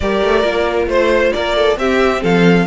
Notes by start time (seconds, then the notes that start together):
0.00 G3 G4 A#4 D5
0.22 A3
0.42 A#3 F4
0.86 A3 C5
1.32 A#3 A#4 D5
1.56 A4
1.76 C4 G4 E5
2.21 F3 A4 F5